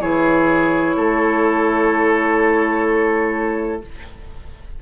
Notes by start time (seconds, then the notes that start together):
0.00 E3 E4 G#4 C#5
0.96 A3 A4